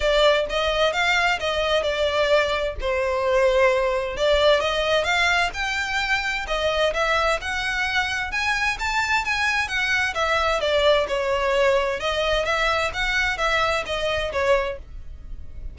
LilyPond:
\new Staff \with { instrumentName = "violin" } { \time 4/4 \tempo 4 = 130 d''4 dis''4 f''4 dis''4 | d''2 c''2~ | c''4 d''4 dis''4 f''4 | g''2 dis''4 e''4 |
fis''2 gis''4 a''4 | gis''4 fis''4 e''4 d''4 | cis''2 dis''4 e''4 | fis''4 e''4 dis''4 cis''4 | }